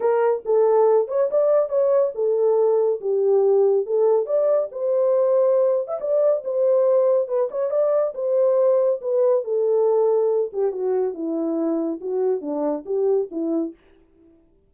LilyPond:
\new Staff \with { instrumentName = "horn" } { \time 4/4 \tempo 4 = 140 ais'4 a'4. cis''8 d''4 | cis''4 a'2 g'4~ | g'4 a'4 d''4 c''4~ | c''4.~ c''16 e''16 d''4 c''4~ |
c''4 b'8 cis''8 d''4 c''4~ | c''4 b'4 a'2~ | a'8 g'8 fis'4 e'2 | fis'4 d'4 g'4 e'4 | }